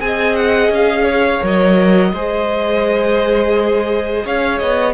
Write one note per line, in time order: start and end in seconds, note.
0.00 0.69 C4
0.00 1.41 G#4
0.00 1.03 D#5
0.00 0.36 G#5
0.36 0.71 F#5
0.69 1.40 C#4
0.69 1.45 F5
1.03 2.09 C#5
1.41 2.13 F#3
1.41 2.12 A#4
1.41 4.27 D#5
2.13 4.24 G#3
2.13 4.94 G#4
2.13 4.25 C5
4.25 4.61 C#4
4.25 4.94 C#5
4.25 4.59 F5
4.59 4.94 B3
4.59 4.94 D#5